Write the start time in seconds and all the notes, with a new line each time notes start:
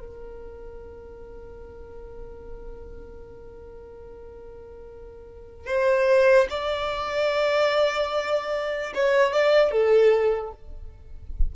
0.00 A#4
5.66 C5
6.50 D5
8.95 C#5
9.33 D5
9.71 A4